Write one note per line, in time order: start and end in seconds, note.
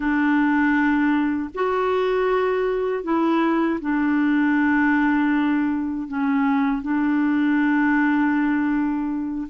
0.00 1.49 D4
1.54 3.03 F#4
3.03 3.79 E4
3.80 6.08 D4
6.08 6.81 C#4
6.81 9.47 D4